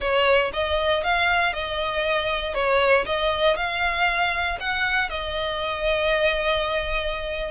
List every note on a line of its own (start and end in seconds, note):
0.00 0.51 C#5
0.53 1.03 D#5
1.03 1.53 F5
1.53 2.54 D#5
2.54 3.05 C#5
3.05 3.56 D#5
3.56 4.58 F5
4.60 5.09 F#5
5.09 7.51 D#5